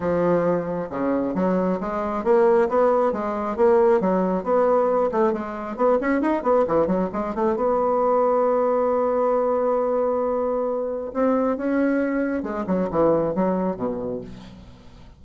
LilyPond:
\new Staff \with { instrumentName = "bassoon" } { \time 4/4 \tempo 4 = 135 f2 cis4 fis4 | gis4 ais4 b4 gis4 | ais4 fis4 b4. a8 | gis4 b8 cis'8 dis'8 b8 e8 fis8 |
gis8 a8 b2.~ | b1~ | b4 c'4 cis'2 | gis8 fis8 e4 fis4 b,4 | }